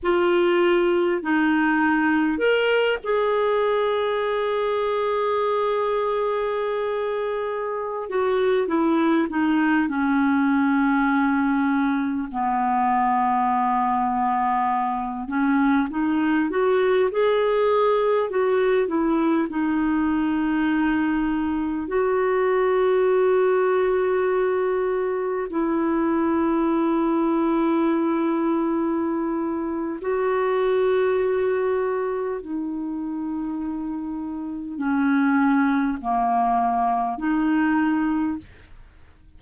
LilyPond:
\new Staff \with { instrumentName = "clarinet" } { \time 4/4 \tempo 4 = 50 f'4 dis'4 ais'8 gis'4.~ | gis'2~ gis'8. fis'8 e'8 dis'16~ | dis'16 cis'2 b4.~ b16~ | b8. cis'8 dis'8 fis'8 gis'4 fis'8 e'16~ |
e'16 dis'2 fis'4.~ fis'16~ | fis'4~ fis'16 e'2~ e'8.~ | e'4 fis'2 dis'4~ | dis'4 cis'4 ais4 dis'4 | }